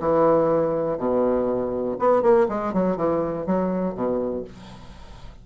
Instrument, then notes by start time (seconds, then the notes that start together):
bassoon
0.00 E3
0.98 B2
1.99 B3
2.22 A#3
2.49 G#3
2.73 F#3
2.97 E3
3.47 F#3
3.95 B2